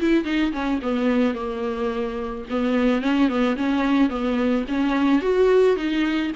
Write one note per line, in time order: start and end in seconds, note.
0.00 0.24 E4
0.24 0.52 D#4
0.52 0.80 C#4
0.82 1.34 B3
1.34 2.44 A#3
2.50 3.02 B3
3.02 3.28 C#4
3.28 3.56 B3
3.56 4.09 C#4
4.09 4.64 B3
4.68 5.21 C#4
5.21 5.76 F#4
5.76 6.31 D#4